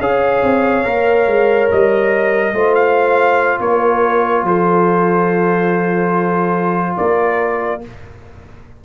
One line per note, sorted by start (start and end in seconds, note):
0.00 0.43 C#4
0.00 0.85 G#4
0.00 2.54 C#5
0.00 1.70 F5
0.43 0.85 C4
0.85 1.27 A#3
0.85 2.54 A#4
1.27 1.70 G#3
1.71 2.53 G3
1.71 2.75 D#5
2.53 3.58 A3
2.53 7.82 F4
2.53 3.60 C5
2.75 3.60 F5
3.60 4.43 A#3
3.60 4.47 A#4
3.60 4.46 C#5
4.43 6.97 F3
4.43 6.98 A4
4.43 6.97 C5
6.97 7.85 A#3
6.97 7.83 A#4
6.97 7.82 D5